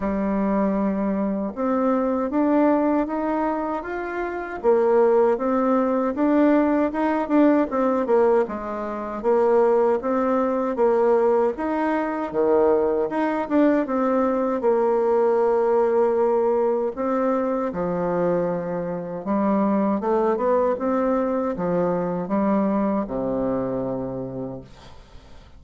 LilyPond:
\new Staff \with { instrumentName = "bassoon" } { \time 4/4 \tempo 4 = 78 g2 c'4 d'4 | dis'4 f'4 ais4 c'4 | d'4 dis'8 d'8 c'8 ais8 gis4 | ais4 c'4 ais4 dis'4 |
dis4 dis'8 d'8 c'4 ais4~ | ais2 c'4 f4~ | f4 g4 a8 b8 c'4 | f4 g4 c2 | }